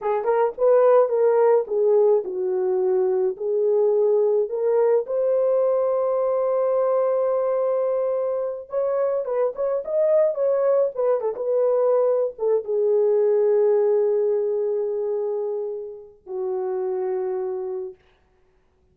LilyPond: \new Staff \with { instrumentName = "horn" } { \time 4/4 \tempo 4 = 107 gis'8 ais'8 b'4 ais'4 gis'4 | fis'2 gis'2 | ais'4 c''2.~ | c''2.~ c''8 cis''8~ |
cis''8 b'8 cis''8 dis''4 cis''4 b'8 | a'16 b'4.~ b'16 a'8 gis'4.~ | gis'1~ | gis'4 fis'2. | }